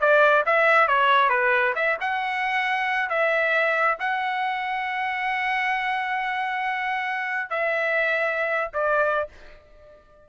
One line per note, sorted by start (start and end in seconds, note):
0.00 0.44 D5
0.46 0.87 E5
0.87 1.29 C#5
1.29 1.73 B4
1.75 1.97 E5
2.00 3.09 F#5
3.09 3.97 E5
3.99 7.49 F#5
7.49 8.71 E5
8.73 9.28 D5